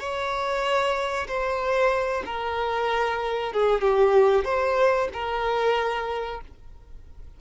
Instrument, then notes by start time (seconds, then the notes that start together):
violin
0.00 C#5
1.28 C5
2.26 A#4
3.53 G#4
3.81 G4
4.44 C5
5.13 A#4